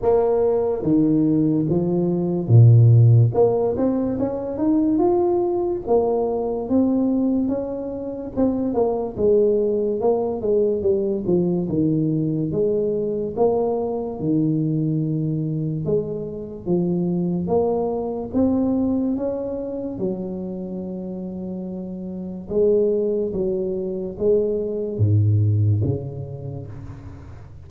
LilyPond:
\new Staff \with { instrumentName = "tuba" } { \time 4/4 \tempo 4 = 72 ais4 dis4 f4 ais,4 | ais8 c'8 cis'8 dis'8 f'4 ais4 | c'4 cis'4 c'8 ais8 gis4 | ais8 gis8 g8 f8 dis4 gis4 |
ais4 dis2 gis4 | f4 ais4 c'4 cis'4 | fis2. gis4 | fis4 gis4 gis,4 cis4 | }